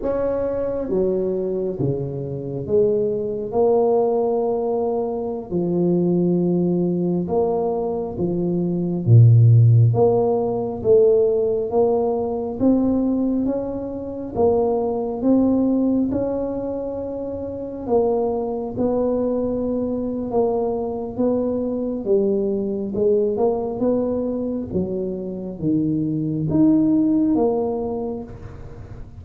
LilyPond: \new Staff \with { instrumentName = "tuba" } { \time 4/4 \tempo 4 = 68 cis'4 fis4 cis4 gis4 | ais2~ ais16 f4.~ f16~ | f16 ais4 f4 ais,4 ais8.~ | ais16 a4 ais4 c'4 cis'8.~ |
cis'16 ais4 c'4 cis'4.~ cis'16~ | cis'16 ais4 b4.~ b16 ais4 | b4 g4 gis8 ais8 b4 | fis4 dis4 dis'4 ais4 | }